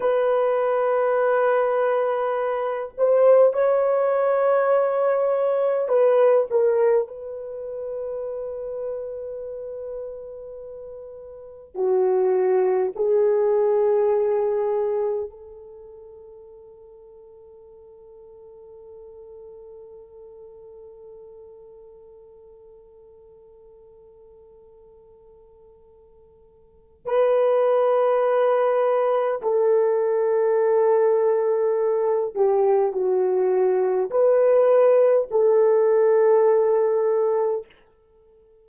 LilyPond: \new Staff \with { instrumentName = "horn" } { \time 4/4 \tempo 4 = 51 b'2~ b'8 c''8 cis''4~ | cis''4 b'8 ais'8 b'2~ | b'2 fis'4 gis'4~ | gis'4 a'2.~ |
a'1~ | a'2. b'4~ | b'4 a'2~ a'8 g'8 | fis'4 b'4 a'2 | }